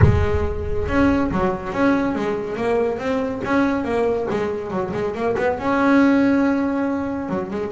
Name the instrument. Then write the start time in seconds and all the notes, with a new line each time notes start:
double bass
0.01 G#3
0.88 C#4
1.31 F#3
1.72 C#4
2.15 G#3
2.56 A#3
2.98 C4
3.44 C#4
3.84 A#3
4.30 G#3
4.70 F#3
4.93 G#3
5.14 A#3
5.37 B3
5.58 C#4
7.29 F#3
7.50 G#3